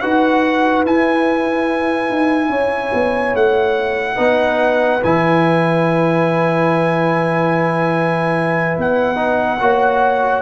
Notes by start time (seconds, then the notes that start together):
0.00 D#4 F#4 B4 F#5
0.85 E4 G#5
2.10 D#4
2.49 C#4 C#5
2.93 B3
3.34 A3 F#5
4.15 B3 D#4 B4
5.03 E3 E4 G#5
8.77 B3 F#5
9.15 D#4
9.60 A#3 F#4 C#5